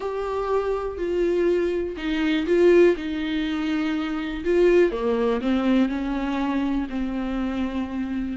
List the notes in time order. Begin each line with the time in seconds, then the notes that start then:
0.00 G4
0.97 F4
1.96 D#4
2.46 F4
2.96 D#4
4.44 F4
4.91 A#3
5.41 C4
5.88 C#4
6.89 C4